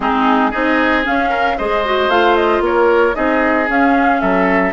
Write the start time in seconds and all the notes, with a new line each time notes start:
0.00 G#3 C4 D#4 G#4
0.50 C4 D#4 G#4 D#5
1.03 C#4 F5
1.29 A#4
1.57 G#3 G#4 C5 D#5
1.85 F#4
2.08 A3 F4 F5
2.35 D#5
2.60 A#3 A#4 C#5
3.13 C4 D#4 G#4 D#5
3.68 C#4 F5
4.20 F#3 A4 E5